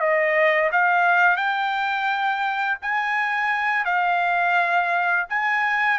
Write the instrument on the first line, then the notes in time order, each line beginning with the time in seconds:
trumpet
0.00 D#5
0.72 F5
1.37 G5
2.82 G#5
3.85 F5
5.30 G#5